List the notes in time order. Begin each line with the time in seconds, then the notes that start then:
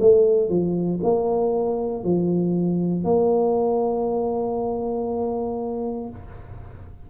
0.00 A3
0.49 F3
1.04 A#3
2.04 F3
3.05 A#3